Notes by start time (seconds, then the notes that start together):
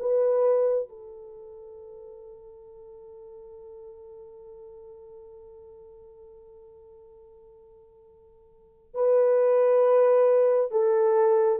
0.00 B4
0.89 A4
8.95 B4
10.71 A4